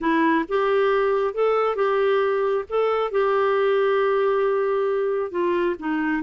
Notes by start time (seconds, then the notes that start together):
0.00 E4
0.48 G4
1.34 A4
1.75 G4
2.69 A4
3.11 G4
5.31 F4
5.79 D#4